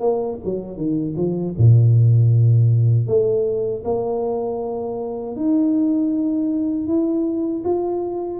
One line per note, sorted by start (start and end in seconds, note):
0.00 0.38 A#3
0.45 0.77 F#3
0.77 1.15 D#3
1.17 1.55 F3
1.57 3.07 A#2
3.07 3.83 A3
3.84 5.36 A#3
5.36 6.87 D#4
6.87 7.63 E4
7.64 8.40 F4